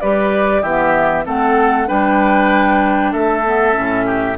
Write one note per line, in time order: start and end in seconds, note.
0.00 0.62 G3
0.00 0.64 G4
0.00 0.62 B4
0.00 0.62 D5
0.62 1.25 E3
0.62 1.24 B3
0.62 1.24 G4
0.62 1.25 E5
1.24 1.89 A3
1.24 1.86 C4
1.24 1.88 A4
1.24 1.88 F#5
1.86 3.14 G3
1.86 3.42 D4
1.86 3.12 B4
1.86 3.12 G5
3.12 3.76 A3
3.12 4.06 A4
3.12 4.37 E5
3.45 3.72 B3
3.72 4.38 A2
3.72 4.35 C#4
4.06 4.37 G4